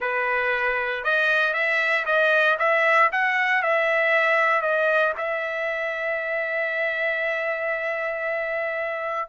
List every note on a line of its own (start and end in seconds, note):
0.00 1.03 B4
1.03 1.53 D#5
1.53 2.05 E5
2.05 2.57 D#5
2.58 3.10 E5
3.12 3.62 F#5
3.62 4.61 E5
4.61 5.13 D#5
5.17 9.29 E5